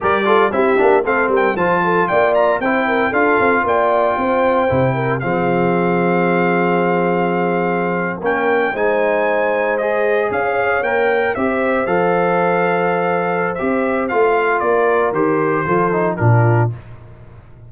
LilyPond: <<
  \new Staff \with { instrumentName = "trumpet" } { \time 4/4 \tempo 4 = 115 d''4 e''4 f''8 g''8 a''4 | g''8 ais''8 g''4 f''4 g''4~ | g''2 f''2~ | f''2.~ f''8. g''16~ |
g''8. gis''2 dis''4 f''16~ | f''8. g''4 e''4 f''4~ f''16~ | f''2 e''4 f''4 | d''4 c''2 ais'4 | }
  \new Staff \with { instrumentName = "horn" } { \time 4/4 ais'8 a'8 g'4 a'8 ais'8 c''8 a'8 | d''4 c''8 ais'8 a'4 d''4 | c''4. ais'8 gis'2~ | gis'2.~ gis'8. ais'16~ |
ais'8. c''2. cis''16~ | cis''4.~ cis''16 c''2~ c''16~ | c''1 | ais'2 a'4 f'4 | }
  \new Staff \with { instrumentName = "trombone" } { \time 4/4 g'8 f'8 e'8 d'8 c'4 f'4~ | f'4 e'4 f'2~ | f'4 e'4 c'2~ | c'2.~ c'8. cis'16~ |
cis'8. dis'2 gis'4~ gis'16~ | gis'8. ais'4 g'4 a'4~ a'16~ | a'2 g'4 f'4~ | f'4 g'4 f'8 dis'8 d'4 | }
  \new Staff \with { instrumentName = "tuba" } { \time 4/4 g4 c'8 ais8 a8 g8 f4 | ais4 c'4 d'8 c'8 ais4 | c'4 c4 f2~ | f2.~ f8. ais16~ |
ais8. gis2. cis'16~ | cis'8. ais4 c'4 f4~ f16~ | f2 c'4 a4 | ais4 dis4 f4 ais,4 | }
>>